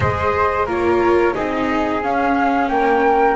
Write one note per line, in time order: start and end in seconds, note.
0.00 0.66 G#3
0.00 0.67 G#4
0.00 0.66 C5
0.00 0.67 D#5
0.66 1.34 A#3
0.66 1.34 F4
0.66 1.33 A#4
0.66 1.34 C#5
1.33 2.04 C4
1.33 2.01 D#4
1.33 2.68 G#4
1.33 2.02 D#5
2.02 3.35 C#4
2.02 2.68 C#4
2.02 2.68 F5
2.68 3.35 A#3
2.68 3.35 A#4
2.68 3.35 G5